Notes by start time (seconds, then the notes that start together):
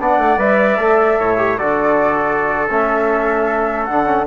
0.00 B3 D4 D5 F#5
0.18 A3
0.37 G3 B4 E5
0.77 A3 A4
1.20 A2 C#5
1.38 G4
1.58 D3 F#4 A4 D5
2.70 A3 C#4 E5
3.85 D3 D4 F#5
4.05 C#4